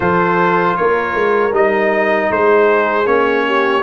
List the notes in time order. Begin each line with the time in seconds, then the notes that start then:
0.00 F3 F4 A4 C5
0.76 A#3 A#4 C#5
1.14 G#3
1.51 G3 D#4 D#5
2.30 G#3 G#4 C5
3.05 A#3 C#4 C#5
3.46 G4